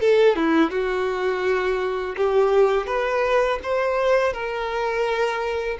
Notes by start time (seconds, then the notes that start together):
0.00 A4
0.36 E4
0.70 F#4
2.16 G4
2.87 B4
3.63 C5
4.33 A#4